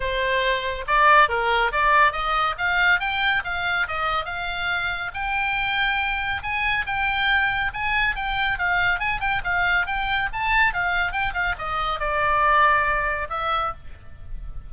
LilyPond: \new Staff \with { instrumentName = "oboe" } { \time 4/4 \tempo 4 = 140 c''2 d''4 ais'4 | d''4 dis''4 f''4 g''4 | f''4 dis''4 f''2 | g''2. gis''4 |
g''2 gis''4 g''4 | f''4 gis''8 g''8 f''4 g''4 | a''4 f''4 g''8 f''8 dis''4 | d''2. e''4 | }